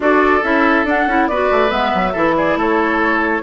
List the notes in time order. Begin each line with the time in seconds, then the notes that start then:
0.00 D4 F#4 A4 D5
0.42 C#4 E4 E5
0.84 D4 F#5
1.06 C#4 E4
1.27 B3 F#4 B4 D5
1.51 A3
1.68 G#3 B3 E5
1.94 F#3
2.13 E3 E4 A4
2.37 G#4 D5
2.55 A3 A4 C#5